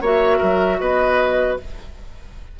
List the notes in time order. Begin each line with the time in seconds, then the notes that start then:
0.00 A#3 F#4 C#5 E5
0.37 F#3 A#4
0.78 B3 B4 D#5